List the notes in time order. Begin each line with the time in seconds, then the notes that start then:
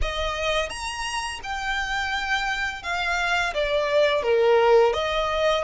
0.01 D#5
0.69 A#5
1.43 G5
2.82 F5
3.54 D5
4.22 A#4
4.93 D#5